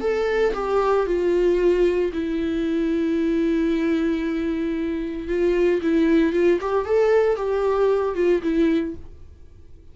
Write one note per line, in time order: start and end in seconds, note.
0.00 0.53 A4
0.53 1.06 G4
1.06 2.11 F4
2.12 5.28 E4
5.28 5.80 F4
5.82 6.32 E4
6.32 6.59 F4
6.61 6.85 G4
6.85 7.36 A4
7.36 8.15 G4
8.15 8.41 F4
8.42 8.95 E4